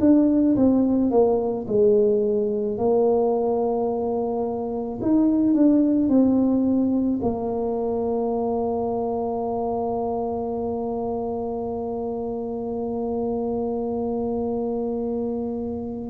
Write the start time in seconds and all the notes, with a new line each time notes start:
0.00 D4
0.56 C4
1.11 A#3
1.67 G#3
2.77 A#3
5.02 D#4
5.53 D4
6.09 C4
7.22 A#3